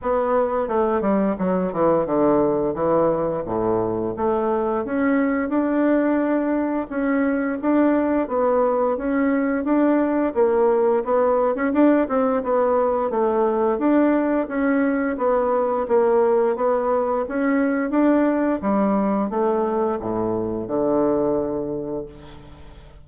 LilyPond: \new Staff \with { instrumentName = "bassoon" } { \time 4/4 \tempo 4 = 87 b4 a8 g8 fis8 e8 d4 | e4 a,4 a4 cis'4 | d'2 cis'4 d'4 | b4 cis'4 d'4 ais4 |
b8. cis'16 d'8 c'8 b4 a4 | d'4 cis'4 b4 ais4 | b4 cis'4 d'4 g4 | a4 a,4 d2 | }